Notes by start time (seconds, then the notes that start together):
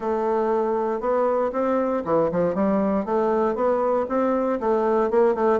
0.00 A3
1.00 B3
1.52 C4
2.05 E3
2.31 F3
2.54 G3
3.05 A3
3.55 B3
4.08 C4
4.60 A3
5.10 A#3
5.34 A3